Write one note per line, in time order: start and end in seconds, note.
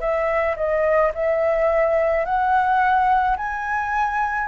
0.00 0.56 E5
0.56 1.12 D#5
1.14 2.25 E5
2.25 3.36 F#5
3.37 4.47 G#5